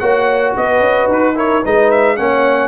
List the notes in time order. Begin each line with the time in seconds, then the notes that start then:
0.00 A#3 F#4 C#5 F#5
0.57 B3 B4 D#5
0.80 C#4
1.09 D#4 B4
1.35 E4 A#4 C#5
1.64 G#3 D#4 B4 D#5
1.91 E5
2.17 A#3 C#4 C#5 F#5